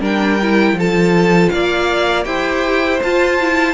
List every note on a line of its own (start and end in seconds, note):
0.00 0.73 G3
0.00 0.38 D4
0.00 0.76 A#4
0.00 0.79 G5
0.42 0.78 E4
0.73 1.48 F3
0.73 2.24 F4
0.73 1.53 A4
0.79 1.49 A5
1.49 2.25 A#3
1.49 2.27 D5
1.49 2.24 F5
2.24 3.00 E4
2.24 2.99 G4
2.24 3.74 C5
2.24 3.00 G5
3.03 3.74 F4
3.03 3.40 F4
3.03 3.74 A5
3.40 3.74 E4